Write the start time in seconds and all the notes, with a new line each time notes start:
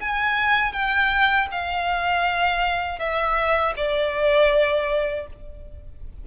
0.00 G#5
0.73 G5
1.52 F5
2.99 E5
3.77 D5